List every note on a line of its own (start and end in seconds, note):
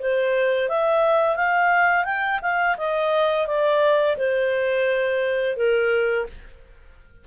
0.00 0.69 C5
0.69 1.36 E5
1.36 2.05 F5
2.05 2.40 G5
2.42 2.77 F5
2.77 3.47 D#5
3.47 4.17 D5
4.17 5.57 C5
5.57 6.27 A#4